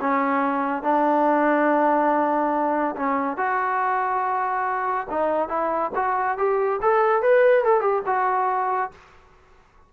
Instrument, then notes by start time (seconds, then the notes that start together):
trombone
0.00 C#4
0.82 D4
2.96 C#4
3.37 F#4
5.10 D#4
5.48 E4
5.95 F#4
6.37 G4
6.81 A4
7.22 B4
7.64 A4
7.80 G4
8.06 F#4